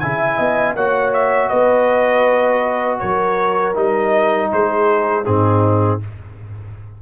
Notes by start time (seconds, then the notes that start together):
0.00 C#3 E4 E5 G#5
0.37 B3 D#5
0.75 A#3 F#4 C#5 F#5
1.14 E5
1.49 B3 B4 D#5
2.99 F#3 A#4 C#5
3.74 G3 D#4 D#5
4.52 G#3 G#4 C5
5.25 G#2 C4 D#4 G#4